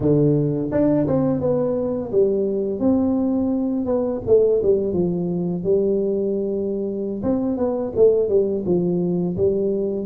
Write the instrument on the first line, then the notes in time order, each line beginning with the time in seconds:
tuba
0.00 D3
0.71 D4
1.07 C4
1.40 B3
2.12 G3
2.79 C4
3.85 B3
4.26 A3
4.62 G3
4.93 F3
5.63 G3
7.22 C4
7.57 B3
7.96 A3
8.28 G3
8.65 F3
9.37 G3